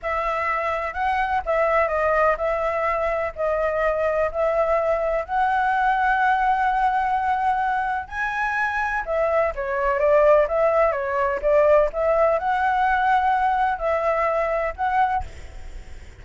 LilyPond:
\new Staff \with { instrumentName = "flute" } { \time 4/4 \tempo 4 = 126 e''2 fis''4 e''4 | dis''4 e''2 dis''4~ | dis''4 e''2 fis''4~ | fis''1~ |
fis''4 gis''2 e''4 | cis''4 d''4 e''4 cis''4 | d''4 e''4 fis''2~ | fis''4 e''2 fis''4 | }